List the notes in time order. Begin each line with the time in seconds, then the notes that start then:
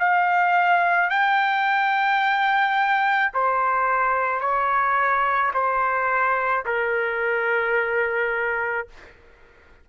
0.00 F5
1.10 G5
3.34 C5
4.41 C#5
5.54 C5
6.66 A#4